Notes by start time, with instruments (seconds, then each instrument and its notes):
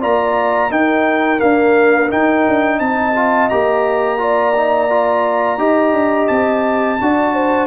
0.00 tuba A#3, trombone F4, horn D5, trumpet A#5
0.69 tuba D#4, trombone D#4, horn A#4, trumpet G5
1.38 trombone A#3, tuba D4, trumpet F5
2.08 trombone D#4, tuba D#4, trumpet G5
2.48 tuba D4
2.79 tuba C4, horn D#5, trumpet A5
3.15 trombone F4
3.49 tuba A#3, trombone G4, trumpet A#5
4.17 trombone F4, horn D5
4.56 trombone D#4
4.89 trombone F4
5.57 tuba D#4, trombone G4, horn D#5
5.93 tuba D4
6.27 tuba C4, trumpet A5
7.01 tuba D4, trombone F#4, horn D5
7.34 horn C5